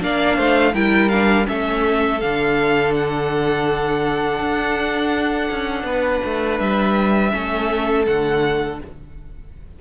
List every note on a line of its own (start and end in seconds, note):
0.00 0.38 A#3
0.00 0.73 D4
0.00 0.36 D5
0.00 0.75 F5
0.36 0.74 A3
0.36 0.73 C5
0.74 1.47 G3
0.74 1.11 E4
0.74 1.47 A#4
0.74 1.09 G5
1.09 1.45 D4
1.09 1.45 F5
1.45 2.22 A3
1.45 2.18 C#4
1.45 5.86 A4
1.45 2.20 E5
2.20 4.40 D3
2.20 7.32 D4
2.20 2.94 F5
2.94 6.59 F#5
4.40 5.50 D4
5.51 5.84 C#4
5.84 6.20 B3
5.84 7.32 B4
6.25 6.60 A3
6.59 7.33 G3
6.59 8.06 E5
7.32 8.07 A3
7.32 8.05 C#4
7.32 8.80 A4
8.06 8.81 D3
8.06 8.79 A3
8.06 8.80 F#5